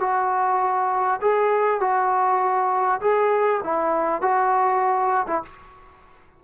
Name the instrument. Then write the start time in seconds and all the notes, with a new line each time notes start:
trombone
0.00 F#4
1.21 G#4
1.80 F#4
3.01 G#4
3.64 E4
4.22 F#4
5.27 E4